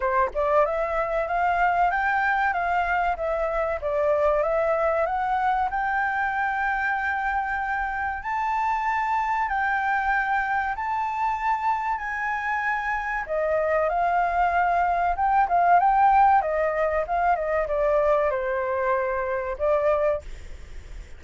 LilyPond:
\new Staff \with { instrumentName = "flute" } { \time 4/4 \tempo 4 = 95 c''8 d''8 e''4 f''4 g''4 | f''4 e''4 d''4 e''4 | fis''4 g''2.~ | g''4 a''2 g''4~ |
g''4 a''2 gis''4~ | gis''4 dis''4 f''2 | g''8 f''8 g''4 dis''4 f''8 dis''8 | d''4 c''2 d''4 | }